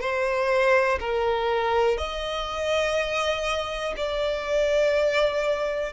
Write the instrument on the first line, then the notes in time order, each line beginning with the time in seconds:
violin
0.00 C5
0.99 A#4
1.97 D#5
3.97 D5